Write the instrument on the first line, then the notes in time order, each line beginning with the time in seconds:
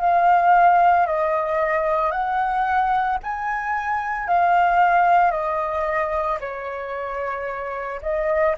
flute
0.00 F5
1.07 D#5
2.11 F#5
3.23 G#5
4.28 F5
5.31 D#5
6.40 C#5
8.02 D#5